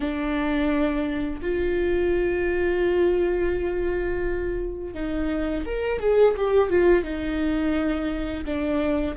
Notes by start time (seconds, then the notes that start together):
0.00 D4
1.41 F4
4.93 D#4
5.65 A#4
5.99 G#4
6.36 G4
6.69 F4
7.03 D#4
8.45 D4